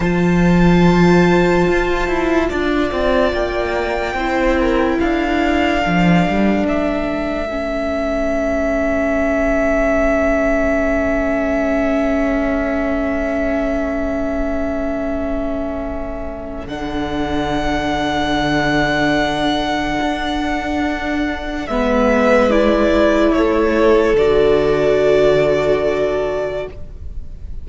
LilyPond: <<
  \new Staff \with { instrumentName = "violin" } { \time 4/4 \tempo 4 = 72 a''1 | g''2 f''2 | e''1~ | e''1~ |
e''1 | fis''1~ | fis''2 e''4 d''4 | cis''4 d''2. | }
  \new Staff \with { instrumentName = "violin" } { \time 4/4 c''2. d''4~ | d''4 c''8 ais'8 a'2~ | a'1~ | a'1~ |
a'1~ | a'1~ | a'2 b'2 | a'1 | }
  \new Staff \with { instrumentName = "viola" } { \time 4/4 f'1~ | f'4 e'2 d'4~ | d'4 cis'2.~ | cis'1~ |
cis'1 | d'1~ | d'2 b4 e'4~ | e'4 fis'2. | }
  \new Staff \with { instrumentName = "cello" } { \time 4/4 f2 f'8 e'8 d'8 c'8 | ais4 c'4 d'4 f8 g8 | a1~ | a1~ |
a1 | d1 | d'2 gis2 | a4 d2. | }
>>